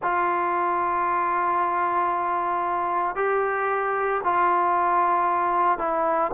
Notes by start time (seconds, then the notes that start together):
0.02 F4
3.15 G4
4.23 F4
5.78 E4